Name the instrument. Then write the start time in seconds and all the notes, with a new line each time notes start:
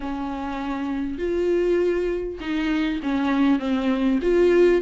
viola
0.00 C#4
1.18 F4
2.40 D#4
3.02 C#4
3.59 C4
4.22 F4